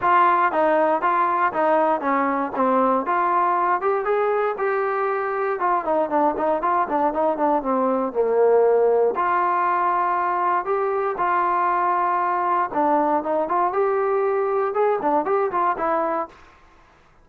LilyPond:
\new Staff \with { instrumentName = "trombone" } { \time 4/4 \tempo 4 = 118 f'4 dis'4 f'4 dis'4 | cis'4 c'4 f'4. g'8 | gis'4 g'2 f'8 dis'8 | d'8 dis'8 f'8 d'8 dis'8 d'8 c'4 |
ais2 f'2~ | f'4 g'4 f'2~ | f'4 d'4 dis'8 f'8 g'4~ | g'4 gis'8 d'8 g'8 f'8 e'4 | }